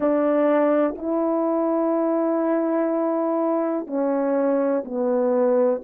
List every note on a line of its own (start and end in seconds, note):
0.00 0.95 D4
0.97 3.87 E4
3.87 4.83 C#4
4.84 5.81 B3